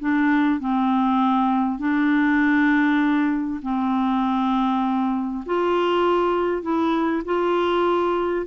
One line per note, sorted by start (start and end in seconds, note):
0.00 0.60 D4
0.60 1.79 C4
1.79 3.61 D4
3.62 5.44 C4
5.46 6.62 F4
6.62 7.23 E4
7.25 8.46 F4